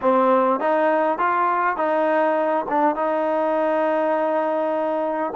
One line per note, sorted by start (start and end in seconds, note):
0.01 0.59 C4
0.59 1.18 D#4
1.18 1.76 F4
1.76 2.65 D#4
2.68 2.95 D4
2.95 5.33 D#4